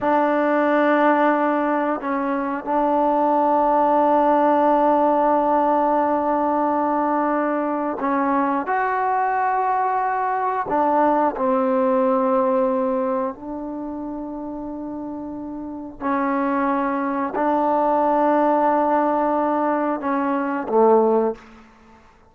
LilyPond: \new Staff \with { instrumentName = "trombone" } { \time 4/4 \tempo 4 = 90 d'2. cis'4 | d'1~ | d'1 | cis'4 fis'2. |
d'4 c'2. | d'1 | cis'2 d'2~ | d'2 cis'4 a4 | }